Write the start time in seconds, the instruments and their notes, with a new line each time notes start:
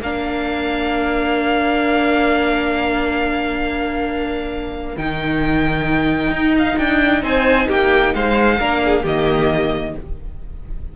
0.00 cello A#3, viola D4, violin A#4 F5
4.98 cello D#3, viola D#4, violin G5
6.31 cello D#4
6.59 violin F5
6.78 cello D4, violin G5
7.23 cello C4, violin C5 G#5
7.68 cello A#3, violin G4 G5
8.15 cello G#3, violin C5 F5
8.59 cello A#3, viola D4, violin A#4
8.85 violin G#4
9.03 cello D#3, viola A#3, violin G4 D#5